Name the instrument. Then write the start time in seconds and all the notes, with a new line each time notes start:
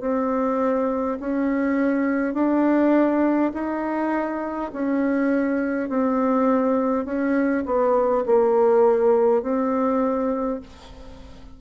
bassoon
0.00 C4
1.20 C#4
2.34 D4
3.53 D#4
4.73 C#4
5.89 C4
7.05 C#4
7.65 B3
8.26 A#3
9.42 C4